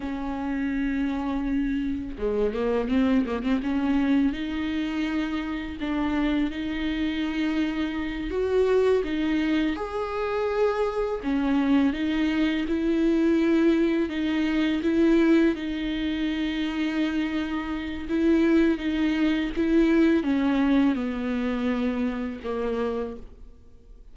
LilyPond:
\new Staff \with { instrumentName = "viola" } { \time 4/4 \tempo 4 = 83 cis'2. gis8 ais8 | c'8 ais16 c'16 cis'4 dis'2 | d'4 dis'2~ dis'8 fis'8~ | fis'8 dis'4 gis'2 cis'8~ |
cis'8 dis'4 e'2 dis'8~ | dis'8 e'4 dis'2~ dis'8~ | dis'4 e'4 dis'4 e'4 | cis'4 b2 ais4 | }